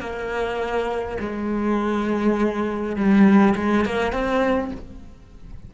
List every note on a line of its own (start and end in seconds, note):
0.00 1.18 A#3
1.20 2.96 G#3
2.96 3.55 G3
3.56 3.85 G#3
3.86 4.13 A#3
4.13 4.72 C4